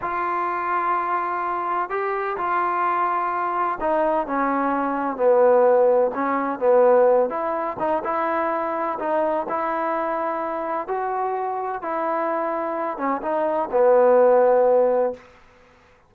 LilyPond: \new Staff \with { instrumentName = "trombone" } { \time 4/4 \tempo 4 = 127 f'1 | g'4 f'2. | dis'4 cis'2 b4~ | b4 cis'4 b4. e'8~ |
e'8 dis'8 e'2 dis'4 | e'2. fis'4~ | fis'4 e'2~ e'8 cis'8 | dis'4 b2. | }